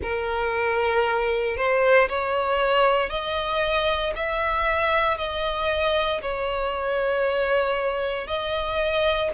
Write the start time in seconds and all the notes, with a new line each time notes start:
0.02 A#4
1.57 C5
2.08 C#5
3.09 D#5
4.15 E5
5.17 D#5
6.21 C#5
8.27 D#5